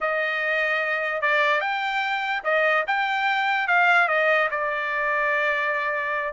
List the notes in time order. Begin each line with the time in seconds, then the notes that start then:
0.00 D#5
1.21 D5
1.60 G5
2.43 D#5
2.87 G5
3.67 F5
4.08 D#5
4.50 D5